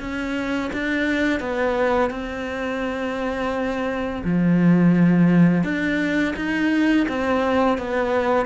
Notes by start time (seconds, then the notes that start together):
0.00 C#4
0.73 D4
1.40 B3
2.10 C4
4.24 F3
5.63 D4
6.36 D#4
7.08 C4
7.78 B3